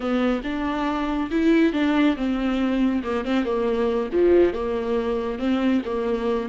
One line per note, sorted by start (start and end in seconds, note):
0.00 0.41 B3
0.43 1.29 D4
1.30 1.72 E4
1.72 2.16 D4
2.16 3.02 C4
3.03 3.24 A#3
3.24 3.44 C4
3.44 4.09 A#3
4.12 4.53 F3
4.53 5.39 A#3
5.39 5.82 C4
5.85 6.49 A#3